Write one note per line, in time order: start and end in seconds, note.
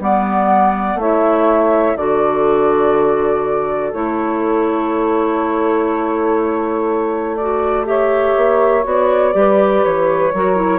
0.00 0.95 G3
0.00 1.00 B3
0.00 0.99 D5
0.00 0.99 F#5
0.95 1.94 A3
0.95 1.98 E4
0.95 1.97 C#5
0.95 1.97 E5
1.97 3.93 D3
1.97 3.94 F#4
1.97 7.87 A4
1.97 3.93 D5
3.93 8.36 A3
3.93 7.38 E4
3.93 7.36 C#5
7.36 7.85 F#4
7.36 7.86 D5
7.85 8.83 G4
7.85 9.35 C#5
7.85 8.86 E5
8.37 8.85 A#3
8.84 9.35 B3
8.84 9.33 F#4
8.84 9.84 D5
9.33 9.84 G3
9.33 10.31 G4
9.33 10.33 B4
9.84 10.33 E3
9.84 10.80 C#5
10.33 10.80 F#3
10.33 10.56 F#4
10.33 10.80 A#4
10.56 10.80 E4